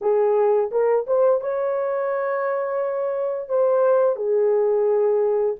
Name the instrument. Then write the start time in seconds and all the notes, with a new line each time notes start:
horn
0.01 G#4
0.71 A#4
1.06 C5
1.40 C#5
3.49 C5
4.16 G#4